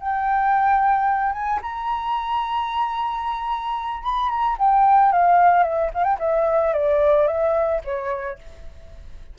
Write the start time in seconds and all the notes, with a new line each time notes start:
0.00 G5
1.33 G#5
1.62 A#5
4.03 B5
4.29 A#5
4.58 G5
5.12 F5
5.64 E5
5.94 F5
6.04 G5
6.19 E5
6.73 D5
7.28 E5
7.85 C#5